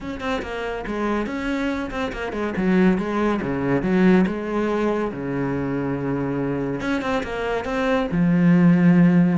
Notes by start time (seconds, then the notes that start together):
0.00 C#4
0.20 C4
0.42 A#3
0.86 G#3
1.26 C#4
1.91 C4
2.12 A#3
2.32 G#3
2.56 F#3
2.97 G#3
3.41 C#3
3.82 F#3
4.26 G#3
5.11 C#3
6.80 C#4
7.01 C4
7.23 A#3
7.64 C4
8.11 F3